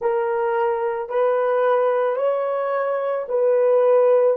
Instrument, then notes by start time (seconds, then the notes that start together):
horn
0.01 A#4
1.09 B4
2.16 C#5
3.28 B4